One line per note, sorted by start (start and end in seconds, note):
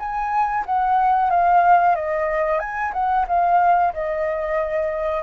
0.00 0.65 G#5
0.66 1.31 F#5
1.31 1.96 F5
1.96 2.60 D#5
2.60 2.93 G#5
2.94 3.26 F#5
3.28 3.93 F5
3.94 5.24 D#5